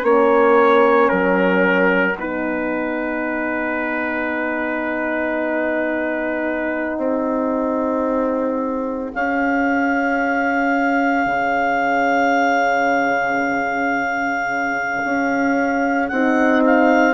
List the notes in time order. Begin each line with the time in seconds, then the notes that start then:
0.00 A#3 C#4 C#5 F#5
1.09 F#3 A#4
2.17 B3 D#4 B4
6.97 C4 G#4
9.14 C#4 F5
11.26 C#3
15.04 C#4
16.08 C4 D#4 F#5
16.65 F5